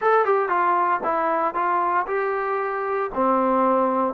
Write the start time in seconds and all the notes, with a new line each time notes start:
0.01 A4
0.25 G4
0.48 F4
1.03 E4
1.54 F4
2.07 G4
3.14 C4